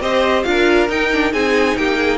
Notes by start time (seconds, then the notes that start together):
0.00 C4 G4 C5 D#5
0.43 D4 F4 A#4 F5
0.89 D#4 G5
1.13 D4
1.32 C4 D#4 G#4 G#5
1.76 A#3 G4 G5
1.97 G#4